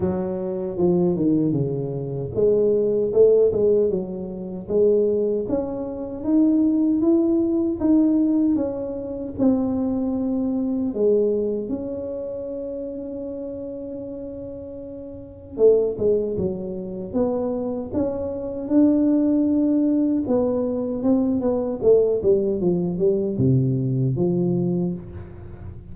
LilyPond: \new Staff \with { instrumentName = "tuba" } { \time 4/4 \tempo 4 = 77 fis4 f8 dis8 cis4 gis4 | a8 gis8 fis4 gis4 cis'4 | dis'4 e'4 dis'4 cis'4 | c'2 gis4 cis'4~ |
cis'1 | a8 gis8 fis4 b4 cis'4 | d'2 b4 c'8 b8 | a8 g8 f8 g8 c4 f4 | }